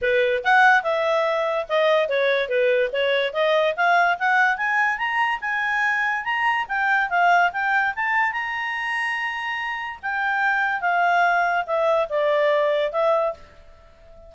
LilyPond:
\new Staff \with { instrumentName = "clarinet" } { \time 4/4 \tempo 4 = 144 b'4 fis''4 e''2 | dis''4 cis''4 b'4 cis''4 | dis''4 f''4 fis''4 gis''4 | ais''4 gis''2 ais''4 |
g''4 f''4 g''4 a''4 | ais''1 | g''2 f''2 | e''4 d''2 e''4 | }